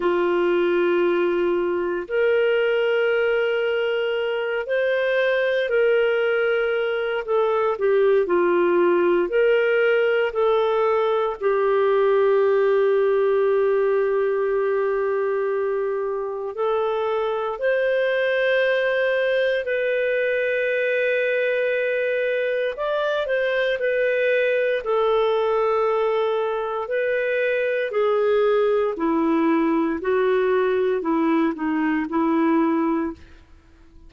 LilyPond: \new Staff \with { instrumentName = "clarinet" } { \time 4/4 \tempo 4 = 58 f'2 ais'2~ | ais'8 c''4 ais'4. a'8 g'8 | f'4 ais'4 a'4 g'4~ | g'1 |
a'4 c''2 b'4~ | b'2 d''8 c''8 b'4 | a'2 b'4 gis'4 | e'4 fis'4 e'8 dis'8 e'4 | }